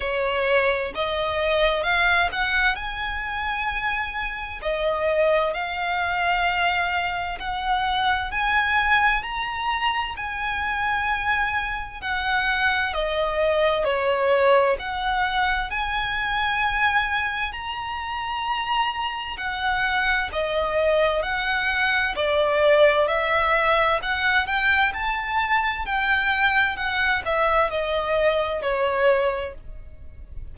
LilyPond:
\new Staff \with { instrumentName = "violin" } { \time 4/4 \tempo 4 = 65 cis''4 dis''4 f''8 fis''8 gis''4~ | gis''4 dis''4 f''2 | fis''4 gis''4 ais''4 gis''4~ | gis''4 fis''4 dis''4 cis''4 |
fis''4 gis''2 ais''4~ | ais''4 fis''4 dis''4 fis''4 | d''4 e''4 fis''8 g''8 a''4 | g''4 fis''8 e''8 dis''4 cis''4 | }